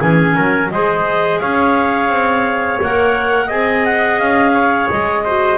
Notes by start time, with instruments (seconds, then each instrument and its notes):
0.00 double bass E3, clarinet C#4 G#5, trumpet G#4
0.36 double bass F#3, trumpet A#4
0.71 double bass G#3, clarinet G#4 D#5, trumpet C5
1.40 double bass C#4, trumpet C#5, clarinet F5
2.10 double bass C4
2.82 double bass A#3, clarinet A#4 F#5
3.47 double bass C4, clarinet G#4 G#5, trumpet D#5
3.86 clarinet F#5
4.19 double bass C#4, clarinet F5
4.54 trumpet C#5
4.91 double bass G#3, clarinet D#5
5.25 clarinet F#4, trumpet C5